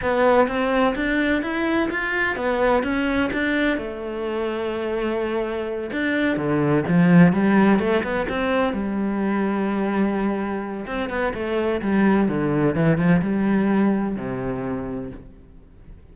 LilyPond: \new Staff \with { instrumentName = "cello" } { \time 4/4 \tempo 4 = 127 b4 c'4 d'4 e'4 | f'4 b4 cis'4 d'4 | a1~ | a8 d'4 d4 f4 g8~ |
g8 a8 b8 c'4 g4.~ | g2. c'8 b8 | a4 g4 d4 e8 f8 | g2 c2 | }